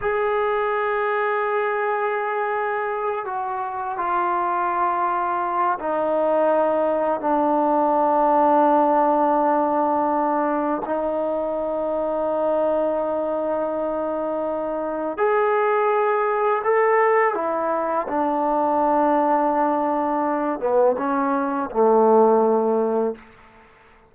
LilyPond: \new Staff \with { instrumentName = "trombone" } { \time 4/4 \tempo 4 = 83 gis'1~ | gis'8 fis'4 f'2~ f'8 | dis'2 d'2~ | d'2. dis'4~ |
dis'1~ | dis'4 gis'2 a'4 | e'4 d'2.~ | d'8 b8 cis'4 a2 | }